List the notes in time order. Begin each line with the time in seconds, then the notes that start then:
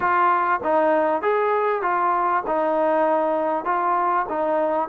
0.00 F4
0.63 D#4
1.22 G#4
1.82 F4
2.47 D#4
3.64 F4
4.29 D#4